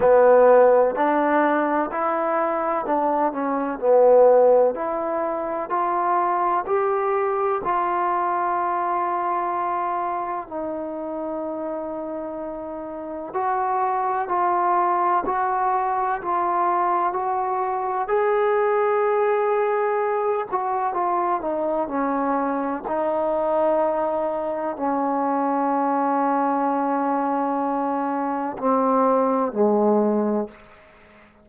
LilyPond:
\new Staff \with { instrumentName = "trombone" } { \time 4/4 \tempo 4 = 63 b4 d'4 e'4 d'8 cis'8 | b4 e'4 f'4 g'4 | f'2. dis'4~ | dis'2 fis'4 f'4 |
fis'4 f'4 fis'4 gis'4~ | gis'4. fis'8 f'8 dis'8 cis'4 | dis'2 cis'2~ | cis'2 c'4 gis4 | }